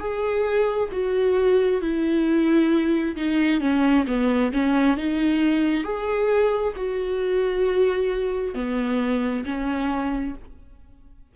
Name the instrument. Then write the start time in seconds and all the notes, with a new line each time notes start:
viola
0.00 G#4
0.92 F#4
1.82 E4
3.17 D#4
3.61 C#4
4.07 B3
4.53 C#4
4.97 D#4
5.84 G#4
6.77 F#4
8.55 B3
9.46 C#4